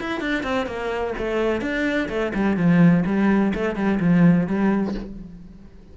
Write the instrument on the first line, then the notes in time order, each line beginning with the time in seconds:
cello
0.00 E4
0.20 D4
0.43 C4
0.66 A#3
1.18 A3
1.61 D4
2.09 A3
2.35 G3
2.57 F3
3.06 G3
3.54 A3
3.76 G3
4.00 F3
4.47 G3